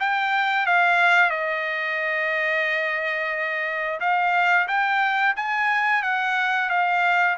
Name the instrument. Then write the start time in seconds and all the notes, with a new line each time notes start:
trumpet
0.00 G5
0.66 F5
1.30 D#5
4.00 F5
4.68 G5
5.37 G#5
6.03 F#5
6.70 F5